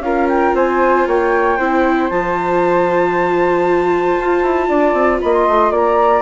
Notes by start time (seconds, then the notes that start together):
0.00 C#4 F4 A#4 F5
0.29 G5
0.54 C4 C5 G#5
1.07 A#3 C#5 G5
1.57 C4 E4 C5
2.09 F3 F4 A5
4.19 F4
4.43 E4
4.69 D4 D5
4.94 C4
5.21 A#3 D#5 B5
5.33 C6
5.48 A3
5.71 A#3 D5 A#5